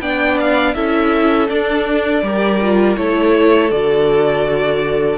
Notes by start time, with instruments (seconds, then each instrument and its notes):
0.00 cello B3, viola D4, violin D5 G5
0.40 violin F5
0.74 cello C#4, viola E4, violin A4 E5
1.48 viola D4, cello D4, violin D5
2.22 cello G3, viola G4, violin A#4
2.61 viola F4
2.96 cello A3, viola E4, violin A4 C#5
3.71 cello D3, viola F#4, violin D5